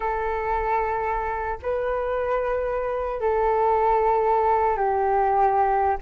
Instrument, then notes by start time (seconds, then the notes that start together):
flute
0.00 A4
1.62 B4
3.20 A4
4.76 G4